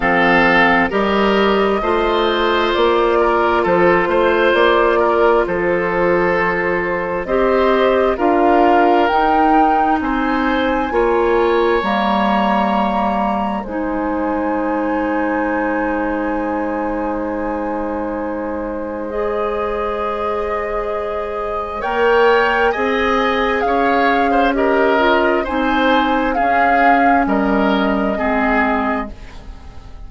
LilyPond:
<<
  \new Staff \with { instrumentName = "flute" } { \time 4/4 \tempo 4 = 66 f''4 dis''2 d''4 | c''4 d''4 c''2 | dis''4 f''4 g''4 gis''4~ | gis''4 ais''2 gis''4~ |
gis''1~ | gis''4 dis''2. | g''4 gis''4 f''4 dis''4 | gis''4 f''4 dis''2 | }
  \new Staff \with { instrumentName = "oboe" } { \time 4/4 a'4 ais'4 c''4. ais'8 | a'8 c''4 ais'8 a'2 | c''4 ais'2 c''4 | cis''2. c''4~ |
c''1~ | c''1 | cis''4 dis''4 cis''8. c''16 ais'4 | c''4 gis'4 ais'4 gis'4 | }
  \new Staff \with { instrumentName = "clarinet" } { \time 4/4 c'4 g'4 f'2~ | f'1 | g'4 f'4 dis'2 | f'4 ais2 dis'4~ |
dis'1~ | dis'4 gis'2. | ais'4 gis'2 g'8 f'8 | dis'4 cis'2 c'4 | }
  \new Staff \with { instrumentName = "bassoon" } { \time 4/4 f4 g4 a4 ais4 | f8 a8 ais4 f2 | c'4 d'4 dis'4 c'4 | ais4 g2 gis4~ |
gis1~ | gis1 | ais4 c'4 cis'2 | c'4 cis'4 g4 gis4 | }
>>